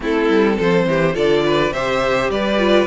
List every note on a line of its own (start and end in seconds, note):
0.00 0.29 A3
0.00 1.13 C4
0.00 0.56 E4
0.00 0.59 A4
0.29 0.58 G3
0.56 0.86 F3
0.56 0.84 A4
0.56 1.15 C5
0.86 1.15 E3
0.86 1.14 G4
1.13 1.71 D3
1.13 1.71 F4
1.13 1.43 A4
1.13 1.72 D5
1.46 1.73 B4
1.71 2.29 C3
1.71 2.58 G4
1.71 2.30 C5
1.71 2.30 E5
2.29 2.86 G3
2.29 2.87 B4
2.29 2.87 D5
2.58 2.87 F4